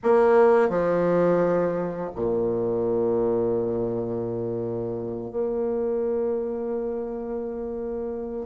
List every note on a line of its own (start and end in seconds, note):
0.03 0.69 A#3
0.69 2.10 F3
2.15 5.30 A#2
5.30 8.46 A#3